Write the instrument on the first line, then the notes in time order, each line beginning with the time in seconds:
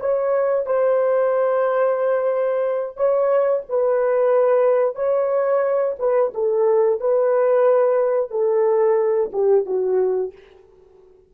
horn
0.00 C#5
0.66 C5
2.97 C#5
3.69 B4
4.96 C#5
5.99 B4
6.35 A4
7.01 B4
8.31 A4
9.33 G4
9.66 F#4